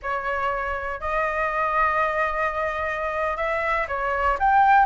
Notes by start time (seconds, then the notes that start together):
0.02 C#5
1.00 D#5
3.36 E5
3.88 C#5
4.39 G5